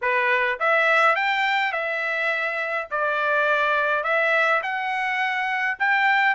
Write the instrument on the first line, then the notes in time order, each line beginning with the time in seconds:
trumpet
0.01 B4
0.59 E5
1.15 G5
1.72 E5
2.90 D5
4.03 E5
4.62 F#5
5.79 G5